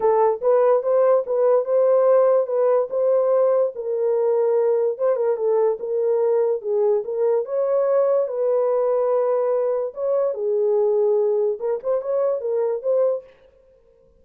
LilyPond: \new Staff \with { instrumentName = "horn" } { \time 4/4 \tempo 4 = 145 a'4 b'4 c''4 b'4 | c''2 b'4 c''4~ | c''4 ais'2. | c''8 ais'8 a'4 ais'2 |
gis'4 ais'4 cis''2 | b'1 | cis''4 gis'2. | ais'8 c''8 cis''4 ais'4 c''4 | }